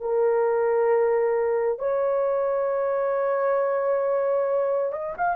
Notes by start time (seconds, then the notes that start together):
0.00 A#4
1.79 C#5
4.93 D#5
5.17 F5